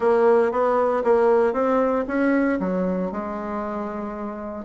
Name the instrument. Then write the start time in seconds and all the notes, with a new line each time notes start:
bassoon
0.00 A#3
0.51 B3
1.04 A#3
1.53 C4
2.07 C#4
2.59 F#3
3.11 G#3